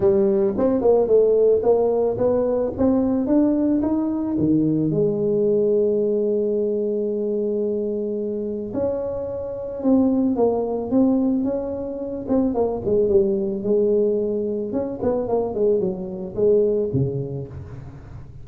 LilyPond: \new Staff \with { instrumentName = "tuba" } { \time 4/4 \tempo 4 = 110 g4 c'8 ais8 a4 ais4 | b4 c'4 d'4 dis'4 | dis4 gis2.~ | gis1 |
cis'2 c'4 ais4 | c'4 cis'4. c'8 ais8 gis8 | g4 gis2 cis'8 b8 | ais8 gis8 fis4 gis4 cis4 | }